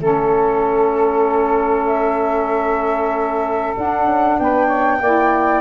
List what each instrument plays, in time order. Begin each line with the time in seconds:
0.00 tuba A3, saxophone C#4 A4, flute A4
1.86 flute E5
3.76 saxophone D4, tuba D4, flute F#5
4.05 tuba C#4
4.39 tuba B3, saxophone B4, flute G5
4.66 saxophone C#5
5.01 tuba A#3, saxophone E4 D5